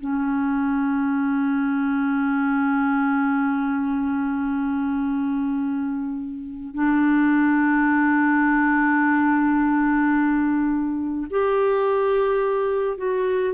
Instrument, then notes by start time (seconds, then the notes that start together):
clarinet
0.00 C#4
6.74 D4
11.30 G4
12.97 F#4